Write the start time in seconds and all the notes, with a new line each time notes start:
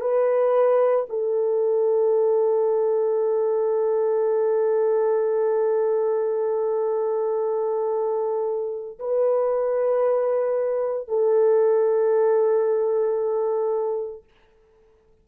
0.00 B4
1.09 A4
8.99 B4
11.08 A4